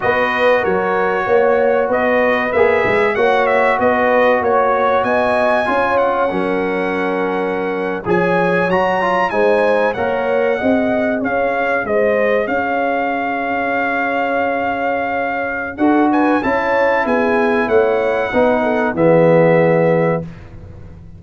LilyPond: <<
  \new Staff \with { instrumentName = "trumpet" } { \time 4/4 \tempo 4 = 95 dis''4 cis''2 dis''4 | e''4 fis''8 e''8 dis''4 cis''4 | gis''4. fis''2~ fis''8~ | fis''8. gis''4 ais''4 gis''4 fis''16~ |
fis''4.~ fis''16 f''4 dis''4 f''16~ | f''1~ | f''4 fis''8 gis''8 a''4 gis''4 | fis''2 e''2 | }
  \new Staff \with { instrumentName = "horn" } { \time 4/4 b'4 ais'4 cis''4 b'4~ | b'4 cis''4 b'4 cis''4 | dis''4 cis''4 ais'2~ | ais'8. cis''2 c''4 cis''16~ |
cis''8. dis''4 cis''4 c''4 cis''16~ | cis''1~ | cis''4 a'8 b'8 cis''4 gis'4 | cis''4 b'8 a'8 gis'2 | }
  \new Staff \with { instrumentName = "trombone" } { \time 4/4 fis'1 | gis'4 fis'2.~ | fis'4 f'4 cis'2~ | cis'8. gis'4 fis'8 f'8 dis'4 ais'16~ |
ais'8. gis'2.~ gis'16~ | gis'1~ | gis'4 fis'4 e'2~ | e'4 dis'4 b2 | }
  \new Staff \with { instrumentName = "tuba" } { \time 4/4 b4 fis4 ais4 b4 | ais8 gis8 ais4 b4 ais4 | b4 cis'4 fis2~ | fis8. f4 fis4 gis4 ais16~ |
ais8. c'4 cis'4 gis4 cis'16~ | cis'1~ | cis'4 d'4 cis'4 b4 | a4 b4 e2 | }
>>